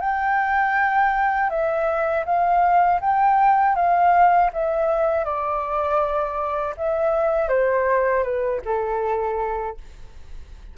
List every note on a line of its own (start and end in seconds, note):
0.00 1.50 G5
1.50 2.25 E5
2.25 3.00 F5
3.00 3.75 G5
3.75 4.50 F5
4.53 5.25 E5
5.25 6.75 D5
6.77 7.49 E5
7.49 8.23 C5
8.23 8.61 B4
8.65 9.77 A4